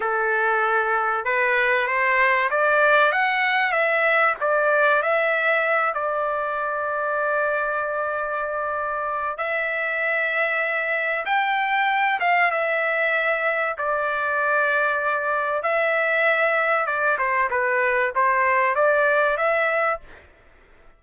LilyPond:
\new Staff \with { instrumentName = "trumpet" } { \time 4/4 \tempo 4 = 96 a'2 b'4 c''4 | d''4 fis''4 e''4 d''4 | e''4. d''2~ d''8~ | d''2. e''4~ |
e''2 g''4. f''8 | e''2 d''2~ | d''4 e''2 d''8 c''8 | b'4 c''4 d''4 e''4 | }